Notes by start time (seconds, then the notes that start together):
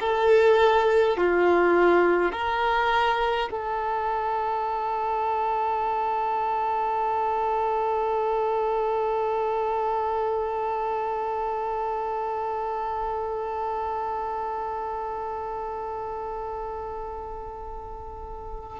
0.00 A4
1.17 F4
2.32 A#4
3.51 A4